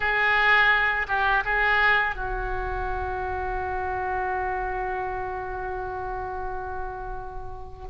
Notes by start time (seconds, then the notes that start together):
0.00 G#4
1.07 G4
1.44 G#4
2.15 F#4